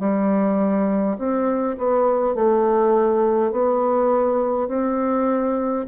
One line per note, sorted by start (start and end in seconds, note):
0.00 1.18 G3
1.18 1.77 C4
1.78 2.35 B3
2.35 3.52 A3
3.52 4.68 B3
4.68 5.86 C4